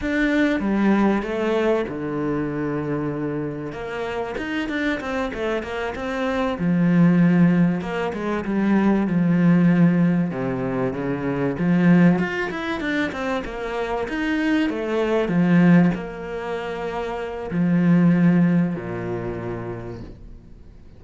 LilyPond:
\new Staff \with { instrumentName = "cello" } { \time 4/4 \tempo 4 = 96 d'4 g4 a4 d4~ | d2 ais4 dis'8 d'8 | c'8 a8 ais8 c'4 f4.~ | f8 ais8 gis8 g4 f4.~ |
f8 c4 cis4 f4 f'8 | e'8 d'8 c'8 ais4 dis'4 a8~ | a8 f4 ais2~ ais8 | f2 ais,2 | }